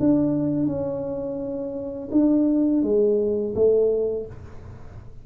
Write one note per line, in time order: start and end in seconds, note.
0.00 0.67 D4
0.67 2.09 C#4
2.12 2.83 D4
2.83 3.55 G#3
3.56 4.27 A3